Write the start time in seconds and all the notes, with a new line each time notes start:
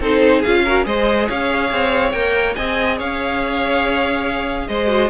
0.00 C4 D#4 A4 C5
0.39 G#4 F5
0.46 C#4 F4
0.64 F#4 A#4
0.84 G#3 G#4 C5 D#5
1.28 C#4 C#5 F5
1.72 C4
2.12 A#3 A#4 G5
2.55 C4 G#4 D#5 G#5
2.98 C#4 C#5 F5
4.68 G#3 C5 D#5
4.87 F#4